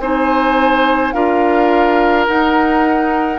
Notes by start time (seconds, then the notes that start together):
0.00 C4 D#4 C5 G#5
1.13 D4 F4 A#4 F5
2.27 D#4 F#5